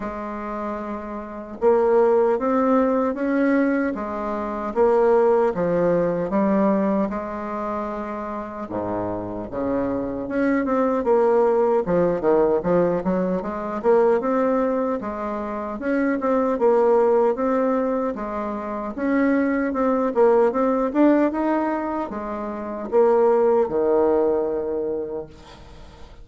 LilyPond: \new Staff \with { instrumentName = "bassoon" } { \time 4/4 \tempo 4 = 76 gis2 ais4 c'4 | cis'4 gis4 ais4 f4 | g4 gis2 gis,4 | cis4 cis'8 c'8 ais4 f8 dis8 |
f8 fis8 gis8 ais8 c'4 gis4 | cis'8 c'8 ais4 c'4 gis4 | cis'4 c'8 ais8 c'8 d'8 dis'4 | gis4 ais4 dis2 | }